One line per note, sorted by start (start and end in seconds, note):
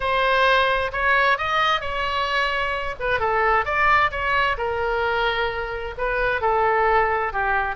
0.00 0.91 C5
0.92 1.37 C#5
1.37 1.80 D#5
1.80 2.95 C#5
2.99 3.19 B4
3.19 3.65 A4
3.65 4.11 D5
4.11 4.57 C#5
4.57 5.95 A#4
5.97 6.41 B4
6.41 7.32 A4
7.32 7.75 G4